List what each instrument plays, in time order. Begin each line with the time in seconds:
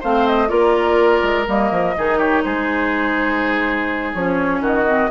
0.00 bassoon A3, clarinet C4, oboe C5, flute F5
0.27 flute D#5
0.48 bassoon A#3, clarinet F4, oboe A#4, flute D5
1.22 bassoon G#3
1.47 bassoon G3, clarinet A#3, flute D#5
1.71 bassoon F3
1.97 bassoon D#3, clarinet D#4, oboe G#4
2.18 oboe G4, flute C#5
2.43 bassoon G#3, oboe G#4, flute C5
4.14 bassoon F3, clarinet C#4, flute C#5
4.60 bassoon D#3, oboe F#4, flute D#5
4.86 clarinet C4